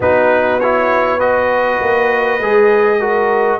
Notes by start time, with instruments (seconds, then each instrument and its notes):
0.00 tuba B3, trombone D#4, horn F#4, trumpet B4
0.60 trombone E4, trumpet C#5
1.17 trombone F#4, horn B4, trumpet D#5
1.80 tuba A#3
2.40 tuba G#3, trombone G#4
2.99 trombone F#4, horn A#4